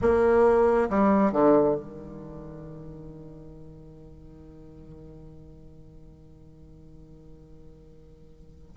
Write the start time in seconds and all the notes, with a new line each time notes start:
0.01 A#3
0.89 G3
1.32 D3
1.75 D#3